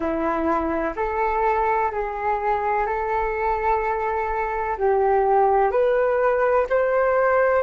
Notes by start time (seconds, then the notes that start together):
0.00 E4
0.96 A4
1.91 G#4
2.86 A4
4.77 G4
5.71 B4
6.69 C5